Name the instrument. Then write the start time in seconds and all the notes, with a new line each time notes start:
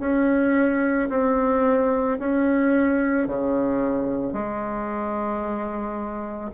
bassoon
0.00 C#4
1.10 C4
2.19 C#4
3.27 C#3
4.33 G#3